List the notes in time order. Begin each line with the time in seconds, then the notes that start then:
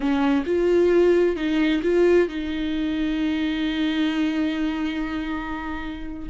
0.00 C#4
0.45 F4
1.35 D#4
1.82 F4
2.28 D#4